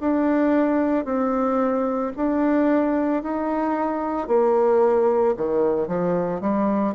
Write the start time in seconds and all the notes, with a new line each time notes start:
0.00 D4
1.05 C4
2.16 D4
3.22 D#4
4.28 A#3
5.37 D#3
5.87 F3
6.41 G3